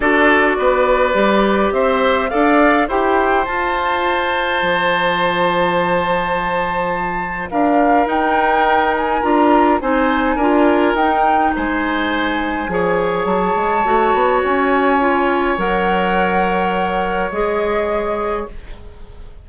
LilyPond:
<<
  \new Staff \with { instrumentName = "flute" } { \time 4/4 \tempo 4 = 104 d''2. e''4 | f''4 g''4 a''2~ | a''1~ | a''4 f''4 g''4. gis''8 |
ais''4 gis''2 g''4 | gis''2. a''4~ | a''4 gis''2 fis''4~ | fis''2 dis''2 | }
  \new Staff \with { instrumentName = "oboe" } { \time 4/4 a'4 b'2 c''4 | d''4 c''2.~ | c''1~ | c''4 ais'2.~ |
ais'4 c''4 ais'2 | c''2 cis''2~ | cis''1~ | cis''1 | }
  \new Staff \with { instrumentName = "clarinet" } { \time 4/4 fis'2 g'2 | a'4 g'4 f'2~ | f'1~ | f'2 dis'2 |
f'4 dis'4 f'4 dis'4~ | dis'2 gis'2 | fis'2 f'4 ais'4~ | ais'2 gis'2 | }
  \new Staff \with { instrumentName = "bassoon" } { \time 4/4 d'4 b4 g4 c'4 | d'4 e'4 f'2 | f1~ | f4 d'4 dis'2 |
d'4 c'4 d'4 dis'4 | gis2 f4 fis8 gis8 | a8 b8 cis'2 fis4~ | fis2 gis2 | }
>>